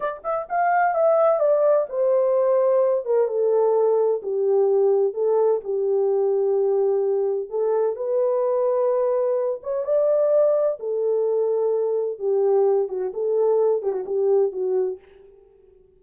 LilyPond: \new Staff \with { instrumentName = "horn" } { \time 4/4 \tempo 4 = 128 d''8 e''8 f''4 e''4 d''4 | c''2~ c''8 ais'8 a'4~ | a'4 g'2 a'4 | g'1 |
a'4 b'2.~ | b'8 cis''8 d''2 a'4~ | a'2 g'4. fis'8 | a'4. g'16 fis'16 g'4 fis'4 | }